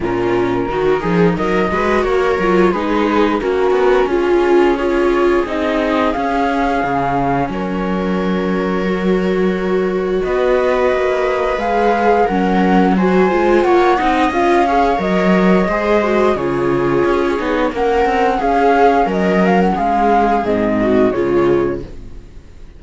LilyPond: <<
  \new Staff \with { instrumentName = "flute" } { \time 4/4 \tempo 4 = 88 ais'2 dis''4 cis''4 | b'4 ais'4 gis'4 cis''4 | dis''4 f''2 cis''4~ | cis''2. dis''4~ |
dis''4 f''4 fis''4 gis''4 | fis''4 f''4 dis''2 | cis''2 fis''4 f''4 | dis''8 f''16 fis''16 f''4 dis''4 cis''4 | }
  \new Staff \with { instrumentName = "viola" } { \time 4/4 f'4 fis'8 gis'8 ais'8 b'8 ais'4 | gis'4 fis'4 f'4 gis'4~ | gis'2. ais'4~ | ais'2. b'4~ |
b'2 ais'4 c''4 | cis''8 dis''4 cis''4. c''4 | gis'2 ais'4 gis'4 | ais'4 gis'4. fis'8 f'4 | }
  \new Staff \with { instrumentName = "viola" } { \time 4/4 cis'4 dis'4. fis'4 f'8 | dis'4 cis'2 f'4 | dis'4 cis'2.~ | cis'4 fis'2.~ |
fis'4 gis'4 cis'4 fis'8 f'8~ | f'8 dis'8 f'8 gis'8 ais'4 gis'8 fis'8 | f'4. dis'8 cis'2~ | cis'2 c'4 gis4 | }
  \new Staff \with { instrumentName = "cello" } { \time 4/4 ais,4 dis8 f8 fis8 gis8 ais8 fis8 | gis4 ais8 b8 cis'2 | c'4 cis'4 cis4 fis4~ | fis2. b4 |
ais4 gis4 fis4. gis8 | ais8 c'8 cis'4 fis4 gis4 | cis4 cis'8 b8 ais8 c'8 cis'4 | fis4 gis4 gis,4 cis4 | }
>>